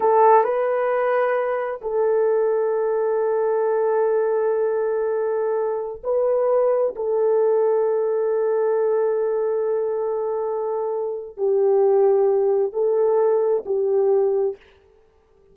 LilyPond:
\new Staff \with { instrumentName = "horn" } { \time 4/4 \tempo 4 = 132 a'4 b'2. | a'1~ | a'1~ | a'4~ a'16 b'2 a'8.~ |
a'1~ | a'1~ | a'4 g'2. | a'2 g'2 | }